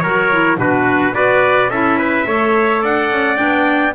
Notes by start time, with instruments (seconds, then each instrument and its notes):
0.00 double bass F#3, clarinet F#4, trumpet A#4 C#5
0.32 clarinet E4
0.57 double bass B2, clarinet D4, trumpet F#4 B4
1.13 double bass B3, clarinet F#4, trumpet B4 D5
1.68 double bass C#4, clarinet E4, trumpet A4 E5
1.98 trumpet B4
2.26 double bass A3, clarinet A4, trumpet C#5
2.82 double bass D4, trumpet D5 F#5
3.11 double bass C#4
3.35 double bass B3, clarinet D4, trumpet G5